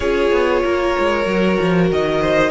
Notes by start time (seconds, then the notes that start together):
0.00 C#4 F4 G#4 C#5
0.31 B3
0.63 A#3 A#4
0.99 G#3
1.23 F#3 F#4
1.60 F3
1.91 D#3 D#5
2.21 C5